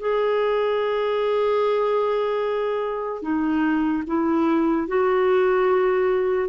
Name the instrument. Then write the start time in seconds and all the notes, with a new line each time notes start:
clarinet
0.00 G#4
3.22 D#4
4.07 E4
4.88 F#4